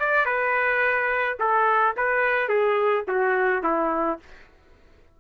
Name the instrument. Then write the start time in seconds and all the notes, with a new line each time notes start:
trumpet
0.00 D5
0.25 B4
1.39 A4
1.97 B4
2.49 G#4
3.08 F#4
3.63 E4